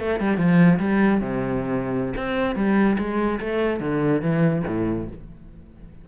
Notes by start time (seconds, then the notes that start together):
0.00 A3
0.20 G3
0.38 F3
0.80 G3
1.21 C3
2.16 C4
2.56 G3
2.99 G#3
3.40 A3
3.81 D3
4.22 E3
4.67 A2